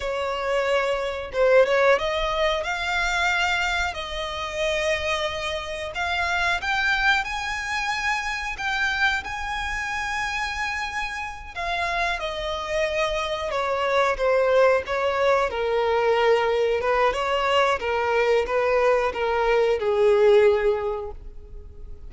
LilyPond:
\new Staff \with { instrumentName = "violin" } { \time 4/4 \tempo 4 = 91 cis''2 c''8 cis''8 dis''4 | f''2 dis''2~ | dis''4 f''4 g''4 gis''4~ | gis''4 g''4 gis''2~ |
gis''4. f''4 dis''4.~ | dis''8 cis''4 c''4 cis''4 ais'8~ | ais'4. b'8 cis''4 ais'4 | b'4 ais'4 gis'2 | }